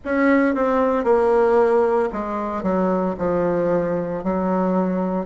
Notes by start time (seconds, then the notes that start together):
0.04 C#4
0.55 C4
1.03 A#3
2.12 G#3
2.63 F#3
3.18 F3
4.23 F#3